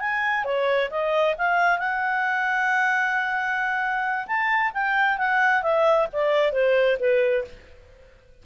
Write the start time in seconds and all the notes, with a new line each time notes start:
0.00 G#5
0.45 C#5
0.90 D#5
1.38 F5
1.79 F#5
4.27 A5
4.74 G5
5.18 F#5
5.63 E5
6.13 D5
6.52 C5
6.99 B4